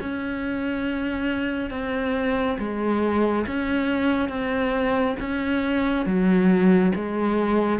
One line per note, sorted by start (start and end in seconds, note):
0.00 1.70 C#4
1.70 2.57 C4
2.58 3.45 G#3
3.47 4.29 C#4
4.29 5.16 C4
5.19 6.06 C#4
6.06 6.92 F#3
6.95 7.80 G#3